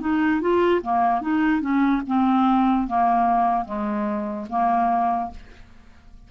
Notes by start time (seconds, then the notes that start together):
0.00 D#4
0.41 F4
0.82 A#3
1.21 D#4
1.61 C#4
2.07 C4
2.87 A#3
3.65 G#3
4.49 A#3